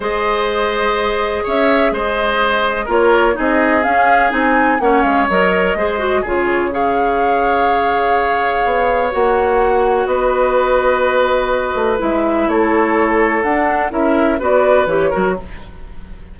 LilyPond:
<<
  \new Staff \with { instrumentName = "flute" } { \time 4/4 \tempo 4 = 125 dis''2. e''4 | dis''2 cis''4 dis''4 | f''4 gis''4 fis''8 f''8 dis''4~ | dis''4 cis''4 f''2~ |
f''2. fis''4~ | fis''4 dis''2.~ | dis''4 e''4 cis''2 | fis''4 e''4 d''4 cis''4 | }
  \new Staff \with { instrumentName = "oboe" } { \time 4/4 c''2. cis''4 | c''2 ais'4 gis'4~ | gis'2 cis''2 | c''4 gis'4 cis''2~ |
cis''1~ | cis''4 b'2.~ | b'2 a'2~ | a'4 ais'4 b'4. ais'8 | }
  \new Staff \with { instrumentName = "clarinet" } { \time 4/4 gis'1~ | gis'2 f'4 dis'4 | cis'4 dis'4 cis'4 ais'4 | gis'8 fis'8 f'4 gis'2~ |
gis'2. fis'4~ | fis'1~ | fis'4 e'2. | d'4 e'4 fis'4 g'8 fis'8 | }
  \new Staff \with { instrumentName = "bassoon" } { \time 4/4 gis2. cis'4 | gis2 ais4 c'4 | cis'4 c'4 ais8 gis8 fis4 | gis4 cis2.~ |
cis2 b4 ais4~ | ais4 b2.~ | b8 a8 gis4 a2 | d'4 cis'4 b4 e8 fis8 | }
>>